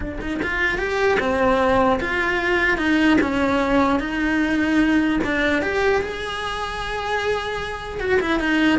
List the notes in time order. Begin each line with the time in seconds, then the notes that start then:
0.00 D4
0.20 D#4
0.42 F4
0.78 G4
1.19 C4
2.00 F4
2.77 D#4
3.21 C#4
3.99 D#4
5.23 D4
5.61 G4
6.01 G#4
7.99 F#4
8.20 E4
8.39 D#4